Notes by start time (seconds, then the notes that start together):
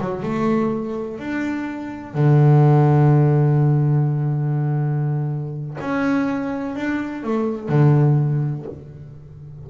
0.00 F#3
0.22 A3
1.19 D4
2.14 D3
5.80 C#4
6.75 D4
7.23 A3
7.68 D3